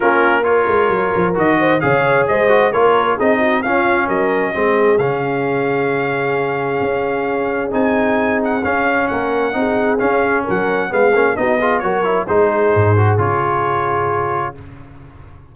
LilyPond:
<<
  \new Staff \with { instrumentName = "trumpet" } { \time 4/4 \tempo 4 = 132 ais'4 cis''2 dis''4 | f''4 dis''4 cis''4 dis''4 | f''4 dis''2 f''4~ | f''1~ |
f''4 gis''4. fis''8 f''4 | fis''2 f''4 fis''4 | f''4 dis''4 cis''4 c''4~ | c''4 cis''2. | }
  \new Staff \with { instrumentName = "horn" } { \time 4/4 f'4 ais'2~ ais'8 c''8 | cis''4 c''4 ais'4 gis'8 fis'8 | f'4 ais'4 gis'2~ | gis'1~ |
gis'1 | ais'4 gis'2 ais'4 | gis'4 fis'8 gis'8 ais'4 gis'4~ | gis'1 | }
  \new Staff \with { instrumentName = "trombone" } { \time 4/4 cis'4 f'2 fis'4 | gis'4. fis'8 f'4 dis'4 | cis'2 c'4 cis'4~ | cis'1~ |
cis'4 dis'2 cis'4~ | cis'4 dis'4 cis'2 | b8 cis'8 dis'8 f'8 fis'8 e'8 dis'4~ | dis'8 fis'8 f'2. | }
  \new Staff \with { instrumentName = "tuba" } { \time 4/4 ais4. gis8 fis8 f8 dis4 | cis4 gis4 ais4 c'4 | cis'4 fis4 gis4 cis4~ | cis2. cis'4~ |
cis'4 c'2 cis'4 | ais4 c'4 cis'4 fis4 | gis8 ais8 b4 fis4 gis4 | gis,4 cis2. | }
>>